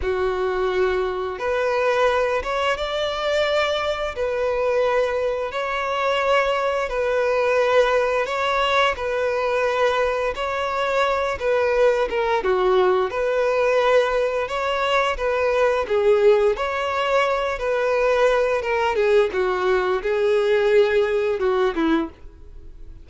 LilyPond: \new Staff \with { instrumentName = "violin" } { \time 4/4 \tempo 4 = 87 fis'2 b'4. cis''8 | d''2 b'2 | cis''2 b'2 | cis''4 b'2 cis''4~ |
cis''8 b'4 ais'8 fis'4 b'4~ | b'4 cis''4 b'4 gis'4 | cis''4. b'4. ais'8 gis'8 | fis'4 gis'2 fis'8 e'8 | }